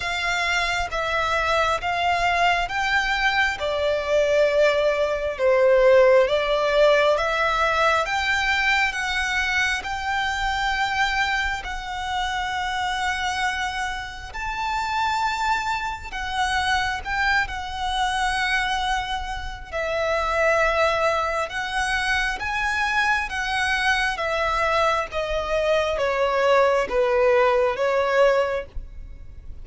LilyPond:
\new Staff \with { instrumentName = "violin" } { \time 4/4 \tempo 4 = 67 f''4 e''4 f''4 g''4 | d''2 c''4 d''4 | e''4 g''4 fis''4 g''4~ | g''4 fis''2. |
a''2 fis''4 g''8 fis''8~ | fis''2 e''2 | fis''4 gis''4 fis''4 e''4 | dis''4 cis''4 b'4 cis''4 | }